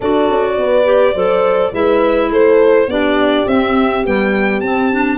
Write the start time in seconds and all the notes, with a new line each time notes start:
0.00 D4 F#4 A4 D5
0.29 C#4
0.57 B3 B4
0.84 G4
1.14 F#3 A4 C5
1.72 G#3 E4 B4 E5
2.30 A3 A4 C5
2.87 B3 D4 G4 D5
3.46 C4 E5
4.04 G3 B3 G5
4.60 C4 A5
4.92 D4